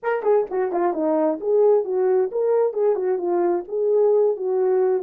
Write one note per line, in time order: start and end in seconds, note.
0.02 0.22 A#4
0.22 0.45 G#4
0.50 0.72 F#4
0.72 0.93 F4
0.93 1.39 D#4
1.40 1.84 G#4
1.84 2.30 F#4
2.31 2.73 A#4
2.73 2.95 G#4
2.95 3.18 F#4
3.18 3.63 F4
3.67 4.36 G#4
4.36 5.03 F#4